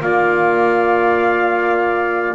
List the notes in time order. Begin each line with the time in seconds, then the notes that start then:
0.00 A#3 F4 D5 F5